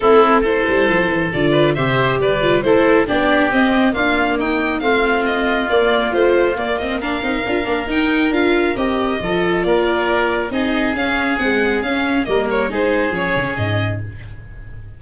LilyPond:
<<
  \new Staff \with { instrumentName = "violin" } { \time 4/4 \tempo 4 = 137 a'4 c''2 d''4 | e''4 d''4 c''4 d''4 | dis''4 f''4 g''4 f''4 | dis''4 d''4 c''4 d''8 dis''8 |
f''2 g''4 f''4 | dis''2 d''2 | dis''4 f''4 fis''4 f''4 | dis''8 cis''8 c''4 cis''4 dis''4 | }
  \new Staff \with { instrumentName = "oboe" } { \time 4/4 e'4 a'2~ a'8 b'8 | c''4 b'4 a'4 g'4~ | g'4 f'4 dis'4 f'4~ | f'1 |
ais'1~ | ais'4 a'4 ais'2 | gis'1 | ais'4 gis'2. | }
  \new Staff \with { instrumentName = "viola" } { \time 4/4 c'4 e'2 f'4 | g'4. f'8 e'4 d'4 | c'4 ais2 c'4~ | c'4 ais4 f4 ais8 c'8 |
d'8 dis'8 f'8 d'8 dis'4 f'4 | g'4 f'2. | dis'4 cis'4 gis4 cis'4 | ais4 dis'4 cis'2 | }
  \new Staff \with { instrumentName = "tuba" } { \time 4/4 a4. g8 f8 e8 d4 | c4 g4 a4 b4 | c'4 d'4 dis'4 a4~ | a4 ais4 a4 ais4~ |
ais8 c'8 d'8 ais8 dis'4 d'4 | c'4 f4 ais2 | c'4 cis'4 c'4 cis'4 | g4 gis4 f8 cis8 gis,4 | }
>>